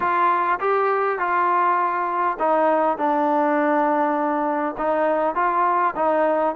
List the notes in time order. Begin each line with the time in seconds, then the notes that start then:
0.00 F4
0.60 G4
1.18 F4
2.39 D#4
2.97 D4
4.77 D#4
5.35 F4
5.95 D#4